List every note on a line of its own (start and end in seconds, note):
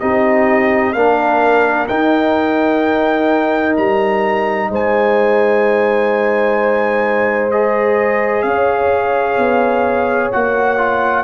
0.00 0.94 C4
0.00 0.95 D#4
0.00 0.94 G4
0.00 0.93 D#5
0.93 1.88 A#3
0.93 1.89 D4
0.93 4.71 A#4
0.93 1.87 F5
1.88 3.77 D#4
1.88 7.52 D#4
1.88 3.75 G5
3.77 4.70 G3
3.77 4.71 A#5
4.70 8.44 G#3
4.70 8.46 C5
4.70 7.52 G#5
7.52 10.33 G#4
7.52 8.43 D#5
8.43 9.37 C#4
8.43 11.24 C#5
8.43 10.30 F5
9.38 10.31 B3
10.32 11.24 A#3
10.32 10.78 F#4
10.32 11.24 F#5
10.78 11.24 F4